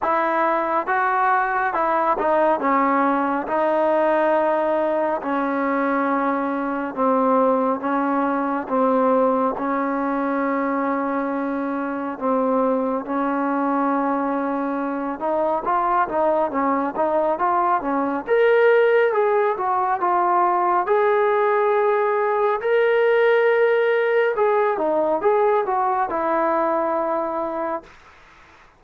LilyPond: \new Staff \with { instrumentName = "trombone" } { \time 4/4 \tempo 4 = 69 e'4 fis'4 e'8 dis'8 cis'4 | dis'2 cis'2 | c'4 cis'4 c'4 cis'4~ | cis'2 c'4 cis'4~ |
cis'4. dis'8 f'8 dis'8 cis'8 dis'8 | f'8 cis'8 ais'4 gis'8 fis'8 f'4 | gis'2 ais'2 | gis'8 dis'8 gis'8 fis'8 e'2 | }